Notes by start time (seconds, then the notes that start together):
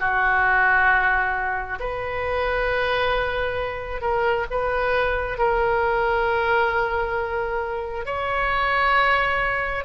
0.00 F#4
1.80 B4
4.01 A#4
4.51 B4
5.38 A#4
8.06 C#5